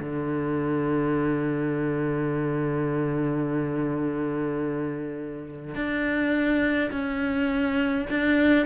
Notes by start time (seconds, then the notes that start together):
0.00 D3
5.75 D4
6.92 C#4
8.10 D4